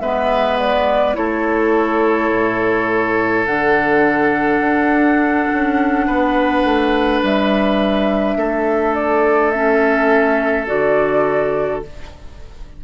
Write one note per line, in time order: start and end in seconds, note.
0.00 1.15 G#3
0.00 1.14 B3
0.00 1.16 B4
0.00 0.58 E5
0.59 1.15 D5
1.14 2.31 A3
1.14 3.45 E4
1.14 6.06 A4
1.14 3.46 C#5
2.31 3.46 A2
3.46 4.60 D3
3.46 9.52 D4
3.46 7.21 F#5
4.60 5.46 D4
5.53 6.07 C#4
6.06 6.63 B3
6.06 8.37 B4
6.63 7.21 A3
7.22 8.36 G3
7.22 8.94 E5
8.36 10.67 A3
8.36 11.84 A4
8.94 9.51 D5
9.51 10.66 C#4
9.51 10.66 E5
10.66 11.84 D3
10.66 11.82 F#4
10.66 11.82 D5